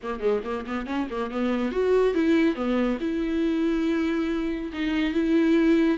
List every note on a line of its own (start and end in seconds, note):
0.02 0.19 A#3
0.19 0.41 G#3
0.44 0.65 A#3
0.66 0.86 B3
0.86 1.08 C#4
1.10 1.31 A#3
1.31 1.71 B3
1.71 2.14 F#4
2.14 2.55 E4
2.55 2.97 B3
3.00 4.71 E4
4.72 5.13 D#4
5.13 5.98 E4